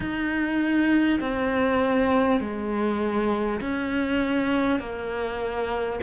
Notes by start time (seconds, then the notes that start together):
0.00 D#4
1.20 C4
2.40 G#3
3.60 C#4
4.79 A#3